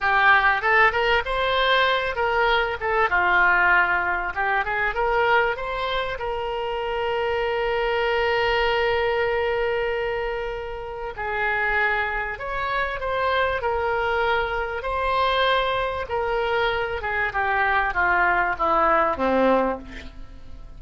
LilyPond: \new Staff \with { instrumentName = "oboe" } { \time 4/4 \tempo 4 = 97 g'4 a'8 ais'8 c''4. ais'8~ | ais'8 a'8 f'2 g'8 gis'8 | ais'4 c''4 ais'2~ | ais'1~ |
ais'2 gis'2 | cis''4 c''4 ais'2 | c''2 ais'4. gis'8 | g'4 f'4 e'4 c'4 | }